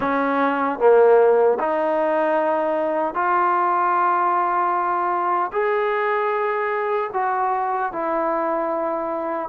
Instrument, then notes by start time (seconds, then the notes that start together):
trombone
0.00 C#4
0.79 A#3
1.59 D#4
3.14 F4
5.52 G#4
7.13 F#4
7.92 E4